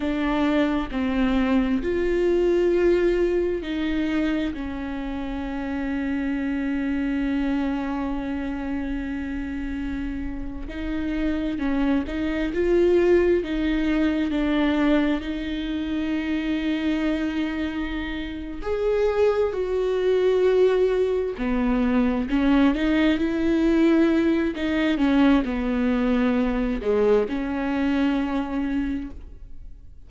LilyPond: \new Staff \with { instrumentName = "viola" } { \time 4/4 \tempo 4 = 66 d'4 c'4 f'2 | dis'4 cis'2.~ | cis'2.~ cis'8. dis'16~ | dis'8. cis'8 dis'8 f'4 dis'4 d'16~ |
d'8. dis'2.~ dis'16~ | dis'8 gis'4 fis'2 b8~ | b8 cis'8 dis'8 e'4. dis'8 cis'8 | b4. gis8 cis'2 | }